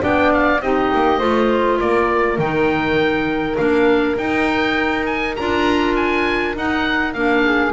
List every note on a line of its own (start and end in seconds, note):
0.00 0.60 B3
0.00 0.59 D4
0.00 0.62 D5
0.00 0.32 G5
0.33 0.61 F5
0.60 0.90 C4
0.60 1.19 D#4
0.60 1.19 G4
0.60 1.79 D#5
0.94 1.20 A#3
1.19 1.80 A3
1.19 2.38 F4
1.19 1.77 C5
1.77 2.38 A#3
1.77 7.42 A#4
1.77 2.39 D5
2.38 3.57 D#3
2.38 3.58 D#4
2.38 3.57 G5
3.57 4.18 A#3
3.57 4.17 D4
3.57 4.17 F5
4.18 5.37 D#4
4.18 5.06 G5
5.06 5.35 G#5
5.36 6.56 D4
5.36 6.55 F4
5.36 5.95 A#5
5.96 6.55 G#5
6.55 7.15 D#4
6.55 7.14 D#4
6.55 7.13 F#5
7.13 7.72 A#3
7.13 7.72 D4
7.13 7.72 F5
7.45 7.72 G#4